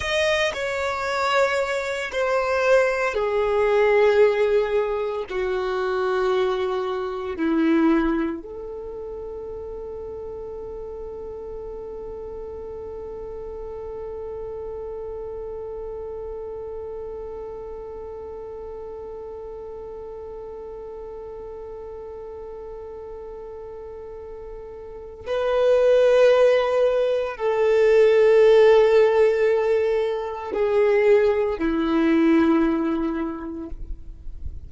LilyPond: \new Staff \with { instrumentName = "violin" } { \time 4/4 \tempo 4 = 57 dis''8 cis''4. c''4 gis'4~ | gis'4 fis'2 e'4 | a'1~ | a'1~ |
a'1~ | a'1 | b'2 a'2~ | a'4 gis'4 e'2 | }